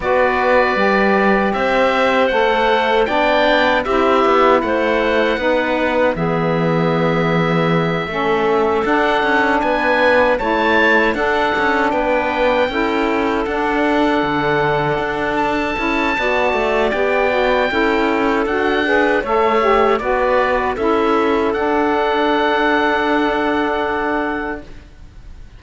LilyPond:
<<
  \new Staff \with { instrumentName = "oboe" } { \time 4/4 \tempo 4 = 78 d''2 e''4 fis''4 | g''4 e''4 fis''2 | e''2.~ e''8 fis''8~ | fis''8 gis''4 a''4 fis''4 g''8~ |
g''4. fis''2~ fis''8 | a''2 g''2 | fis''4 e''4 d''4 e''4 | fis''1 | }
  \new Staff \with { instrumentName = "clarinet" } { \time 4/4 b'2 c''2 | d''4 g'4 c''4 b'4 | gis'2~ gis'8 a'4.~ | a'8 b'4 cis''4 a'4 b'8~ |
b'8 a'2.~ a'8~ | a'4 d''2 a'4~ | a'8 b'8 cis''4 b'4 a'4~ | a'1 | }
  \new Staff \with { instrumentName = "saxophone" } { \time 4/4 fis'4 g'2 a'4 | d'4 e'2 dis'4 | b2~ b8 cis'4 d'8~ | d'4. e'4 d'4.~ |
d'8 e'4 d'2~ d'8~ | d'8 e'8 fis'4 g'8 fis'8 e'4 | fis'8 gis'8 a'8 g'8 fis'4 e'4 | d'1 | }
  \new Staff \with { instrumentName = "cello" } { \time 4/4 b4 g4 c'4 a4 | b4 c'8 b8 a4 b4 | e2~ e8 a4 d'8 | cis'8 b4 a4 d'8 cis'8 b8~ |
b8 cis'4 d'4 d4 d'8~ | d'8 cis'8 b8 a8 b4 cis'4 | d'4 a4 b4 cis'4 | d'1 | }
>>